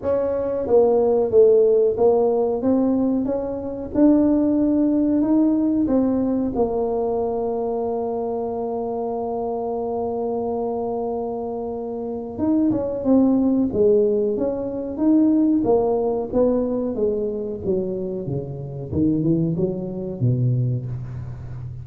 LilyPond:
\new Staff \with { instrumentName = "tuba" } { \time 4/4 \tempo 4 = 92 cis'4 ais4 a4 ais4 | c'4 cis'4 d'2 | dis'4 c'4 ais2~ | ais1~ |
ais2. dis'8 cis'8 | c'4 gis4 cis'4 dis'4 | ais4 b4 gis4 fis4 | cis4 dis8 e8 fis4 b,4 | }